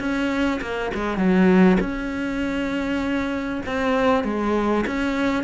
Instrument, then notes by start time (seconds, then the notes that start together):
cello
0.00 C#4
0.61 A#3
0.95 G#3
1.17 F#3
1.80 C#4
3.66 C4
4.24 G#3
4.87 C#4